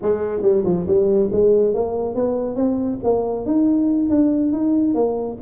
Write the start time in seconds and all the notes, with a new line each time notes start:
0.02 G#3
0.42 G3
0.64 F3
0.87 G3
1.32 G#3
1.74 A#3
2.14 B3
2.55 C4
3.03 A#3
3.45 D#4
4.09 D4
4.52 D#4
4.94 A#3